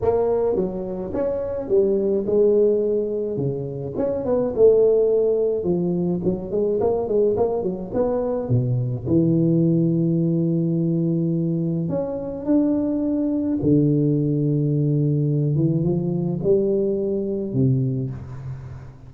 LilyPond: \new Staff \with { instrumentName = "tuba" } { \time 4/4 \tempo 4 = 106 ais4 fis4 cis'4 g4 | gis2 cis4 cis'8 b8 | a2 f4 fis8 gis8 | ais8 gis8 ais8 fis8 b4 b,4 |
e1~ | e4 cis'4 d'2 | d2.~ d8 e8 | f4 g2 c4 | }